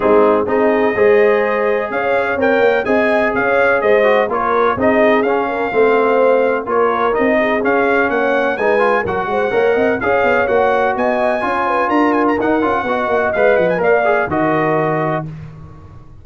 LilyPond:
<<
  \new Staff \with { instrumentName = "trumpet" } { \time 4/4 \tempo 4 = 126 gis'4 dis''2. | f''4 g''4 gis''4 f''4 | dis''4 cis''4 dis''4 f''4~ | f''2 cis''4 dis''4 |
f''4 fis''4 gis''4 fis''4~ | fis''4 f''4 fis''4 gis''4~ | gis''4 ais''8 gis''16 ais''16 fis''2 | f''8 fis''16 gis''16 f''4 dis''2 | }
  \new Staff \with { instrumentName = "horn" } { \time 4/4 dis'4 gis'4 c''2 | cis''2 dis''4 cis''4 | c''4 ais'4 gis'4. ais'8 | c''2 ais'4. gis'8~ |
gis'4 cis''4 b'4 ais'8 c''8 | cis''8 dis''8 cis''2 dis''4 | cis''8 b'8 ais'2 dis''4~ | dis''4 d''4 ais'2 | }
  \new Staff \with { instrumentName = "trombone" } { \time 4/4 c'4 dis'4 gis'2~ | gis'4 ais'4 gis'2~ | gis'8 fis'8 f'4 dis'4 cis'4 | c'2 f'4 dis'4 |
cis'2 dis'8 f'8 fis'4 | ais'4 gis'4 fis'2 | f'2 dis'8 f'8 fis'4 | b'4 ais'8 gis'8 fis'2 | }
  \new Staff \with { instrumentName = "tuba" } { \time 4/4 gis4 c'4 gis2 | cis'4 c'8 ais8 c'4 cis'4 | gis4 ais4 c'4 cis'4 | a2 ais4 c'4 |
cis'4 ais4 gis4 fis8 gis8 | ais8 c'8 cis'8 b8 ais4 b4 | cis'4 d'4 dis'8 cis'8 b8 ais8 | gis8 f8 ais4 dis2 | }
>>